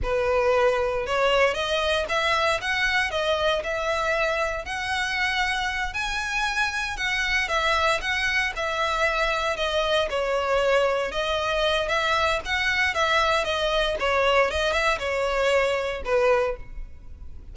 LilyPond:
\new Staff \with { instrumentName = "violin" } { \time 4/4 \tempo 4 = 116 b'2 cis''4 dis''4 | e''4 fis''4 dis''4 e''4~ | e''4 fis''2~ fis''8 gis''8~ | gis''4. fis''4 e''4 fis''8~ |
fis''8 e''2 dis''4 cis''8~ | cis''4. dis''4. e''4 | fis''4 e''4 dis''4 cis''4 | dis''8 e''8 cis''2 b'4 | }